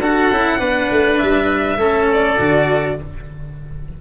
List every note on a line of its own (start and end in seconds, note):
0.00 0.30 D4
0.00 0.31 F#4
0.00 0.59 A4
0.00 1.17 F#5
0.31 0.59 C#4
0.31 0.58 E4
0.58 0.89 B3
0.58 1.77 D4
0.58 1.78 B4
0.90 1.20 A3
1.17 1.77 G3
1.17 2.07 E5
1.77 2.36 A3
1.77 2.36 C#4
1.77 2.98 A4
2.12 3.01 D5
2.36 2.98 D3
2.36 2.95 F#4